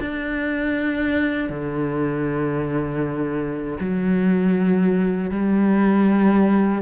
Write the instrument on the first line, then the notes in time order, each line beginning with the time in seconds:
cello
0.00 D4
1.49 D3
3.80 F#3
5.31 G3